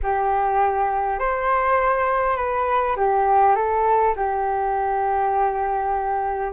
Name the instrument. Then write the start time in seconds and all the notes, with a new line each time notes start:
flute
0.02 G4
1.19 C5
2.36 B4
2.96 G4
3.55 A4
4.16 G4